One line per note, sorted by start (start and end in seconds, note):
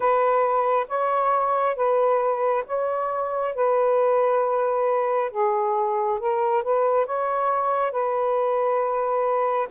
0.00 0.86 B4
0.88 1.76 C#5
1.76 2.64 B4
2.66 3.54 C#5
3.54 5.31 B4
5.31 6.19 G#4
6.19 6.63 A#4
6.63 7.05 B4
7.05 7.91 C#5
7.91 9.68 B4